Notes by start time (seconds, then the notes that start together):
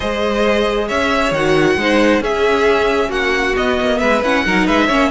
0.00 G#3 G#4 C5 D#5
0.87 C#4 C#5 E5
1.31 D#3 F#4 F#5
1.76 G#3 D#4 C5
2.20 C#4 G#4 E5
3.08 A#3 F#4 F#5
3.55 B3 D#5
3.80 A#3
3.98 G#3 B4 E5
4.22 C#4 E4 F#5
4.45 F#3 D#4 A#4
4.65 G#3 B4 E5
4.87 A#3 C#4 C#5